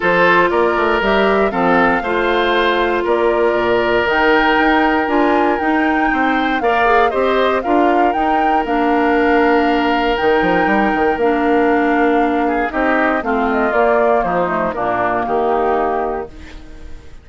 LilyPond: <<
  \new Staff \with { instrumentName = "flute" } { \time 4/4 \tempo 4 = 118 c''4 d''4 e''4 f''4~ | f''2 d''2 | g''2 gis''4 g''4~ | g''4 f''4 dis''4 f''4 |
g''4 f''2. | g''2 f''2~ | f''4 dis''4 f''8 dis''8 d''4 | c''4 ais'4 g'2 | }
  \new Staff \with { instrumentName = "oboe" } { \time 4/4 a'4 ais'2 a'4 | c''2 ais'2~ | ais'1 | c''4 d''4 c''4 ais'4~ |
ais'1~ | ais'1~ | ais'8 gis'8 g'4 f'2 | dis'4 d'4 dis'2 | }
  \new Staff \with { instrumentName = "clarinet" } { \time 4/4 f'2 g'4 c'4 | f'1 | dis'2 f'4 dis'4~ | dis'4 ais'8 gis'8 g'4 f'4 |
dis'4 d'2. | dis'2 d'2~ | d'4 dis'4 c'4 ais4~ | ais8 a8 ais2. | }
  \new Staff \with { instrumentName = "bassoon" } { \time 4/4 f4 ais8 a8 g4 f4 | a2 ais4 ais,4 | dis4 dis'4 d'4 dis'4 | c'4 ais4 c'4 d'4 |
dis'4 ais2. | dis8 f8 g8 dis8 ais2~ | ais4 c'4 a4 ais4 | f4 ais,4 dis2 | }
>>